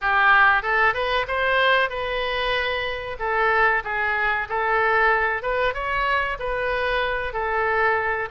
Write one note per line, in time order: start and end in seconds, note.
0.01 0.62 G4
0.62 0.94 A4
0.94 1.26 B4
1.27 1.89 C5
1.89 3.17 B4
3.19 3.83 A4
3.84 4.47 G#4
4.49 5.42 A4
5.42 5.74 B4
5.74 6.37 C#5
6.39 7.33 B4
7.33 8.28 A4